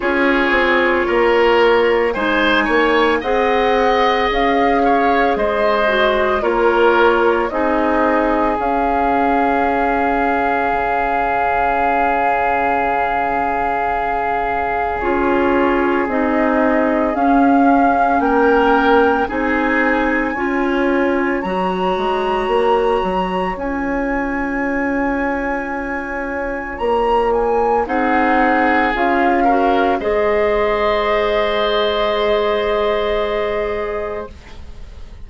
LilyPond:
<<
  \new Staff \with { instrumentName = "flute" } { \time 4/4 \tempo 4 = 56 cis''2 gis''4 fis''4 | f''4 dis''4 cis''4 dis''4 | f''1~ | f''2 cis''4 dis''4 |
f''4 g''4 gis''2 | ais''2 gis''2~ | gis''4 ais''8 gis''8 fis''4 f''4 | dis''1 | }
  \new Staff \with { instrumentName = "oboe" } { \time 4/4 gis'4 ais'4 c''8 cis''8 dis''4~ | dis''8 cis''8 c''4 ais'4 gis'4~ | gis'1~ | gis'1~ |
gis'4 ais'4 gis'4 cis''4~ | cis''1~ | cis''2 gis'4. ais'8 | c''1 | }
  \new Staff \with { instrumentName = "clarinet" } { \time 4/4 f'2 dis'4 gis'4~ | gis'4. fis'8 f'4 dis'4 | cis'1~ | cis'2 f'4 dis'4 |
cis'2 dis'4 f'4 | fis'2 f'2~ | f'2 dis'4 f'8 fis'8 | gis'1 | }
  \new Staff \with { instrumentName = "bassoon" } { \time 4/4 cis'8 c'8 ais4 gis8 ais8 c'4 | cis'4 gis4 ais4 c'4 | cis'2 cis2~ | cis2 cis'4 c'4 |
cis'4 ais4 c'4 cis'4 | fis8 gis8 ais8 fis8 cis'2~ | cis'4 ais4 c'4 cis'4 | gis1 | }
>>